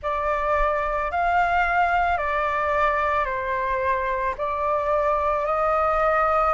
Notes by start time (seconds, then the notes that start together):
0.02 D5
1.11 F5
2.17 D5
3.25 C5
4.37 D5
5.45 D#5